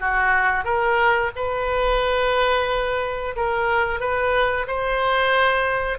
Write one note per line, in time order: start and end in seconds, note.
0.00 0.64 F#4
0.64 1.31 A#4
1.35 3.35 B4
3.36 4.00 A#4
4.00 4.66 B4
4.67 5.98 C5